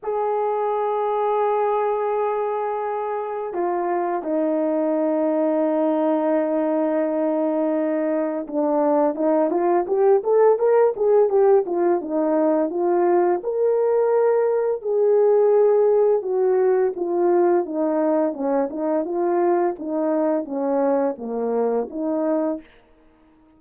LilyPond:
\new Staff \with { instrumentName = "horn" } { \time 4/4 \tempo 4 = 85 gis'1~ | gis'4 f'4 dis'2~ | dis'1 | d'4 dis'8 f'8 g'8 a'8 ais'8 gis'8 |
g'8 f'8 dis'4 f'4 ais'4~ | ais'4 gis'2 fis'4 | f'4 dis'4 cis'8 dis'8 f'4 | dis'4 cis'4 ais4 dis'4 | }